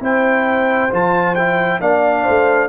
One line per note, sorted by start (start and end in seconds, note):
0.00 0.90 C4
0.00 0.90 E4
0.00 1.80 C5
0.00 0.93 G5
0.90 1.81 F3
0.90 1.35 F4
0.90 1.35 A5
1.35 1.81 E4
1.35 1.80 G5
1.81 2.26 A#3
1.81 2.69 D4
1.81 2.24 D5
1.81 2.69 F5
2.24 2.69 A3
2.24 2.68 C5